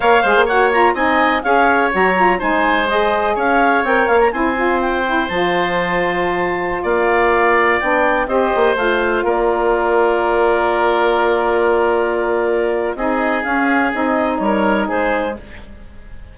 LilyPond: <<
  \new Staff \with { instrumentName = "clarinet" } { \time 4/4 \tempo 4 = 125 f''4 fis''8 ais''8 gis''4 f''4 | ais''4 gis''4 dis''4 f''4 | g''8 f''16 ais''16 gis''4 g''4 a''4~ | a''2~ a''16 f''4.~ f''16~ |
f''16 g''4 dis''4 f''4 d''8.~ | d''1~ | d''2. dis''4 | f''4 dis''4 cis''4 c''4 | }
  \new Staff \with { instrumentName = "oboe" } { \time 4/4 cis''8 c''8 cis''4 dis''4 cis''4~ | cis''4 c''2 cis''4~ | cis''4 c''2.~ | c''2~ c''16 d''4.~ d''16~ |
d''4~ d''16 c''2 ais'8.~ | ais'1~ | ais'2. gis'4~ | gis'2 ais'4 gis'4 | }
  \new Staff \with { instrumentName = "saxophone" } { \time 4/4 ais'8 gis'8 fis'8 f'8 dis'4 gis'4 | fis'8 f'8 dis'4 gis'2 | ais'4 e'8 f'4 e'8 f'4~ | f'1~ |
f'16 d'4 g'4 f'4.~ f'16~ | f'1~ | f'2. dis'4 | cis'4 dis'2. | }
  \new Staff \with { instrumentName = "bassoon" } { \time 4/4 ais8 gis16 ais4~ ais16 c'4 cis'4 | fis4 gis2 cis'4 | c'8 ais8 c'2 f4~ | f2~ f16 ais4.~ ais16~ |
ais16 b4 c'8 ais8 a4 ais8.~ | ais1~ | ais2. c'4 | cis'4 c'4 g4 gis4 | }
>>